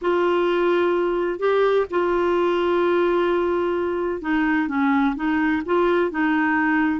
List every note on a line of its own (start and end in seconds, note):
0.01 1.39 F4
1.39 1.86 G4
1.90 4.21 F4
4.21 4.68 D#4
4.68 5.15 C#4
5.15 5.62 D#4
5.65 6.10 F4
6.10 7.00 D#4